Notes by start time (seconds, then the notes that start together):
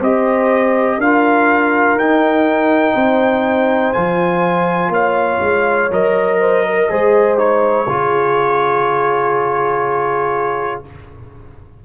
0.00 C4 G4 C5 D#5
0.98 D4 F4 A#4 F5
1.95 D#4 G5
2.95 C4 C5
3.94 F3 F4 G#5
4.89 A#3 C#5 F5
5.41 G#3
5.92 F#3 A#4 D#5
6.41 C5
6.64 A#4
6.90 G#3 G#4 C5
7.38 D#4 C#5
7.87 C#3 F4 G#4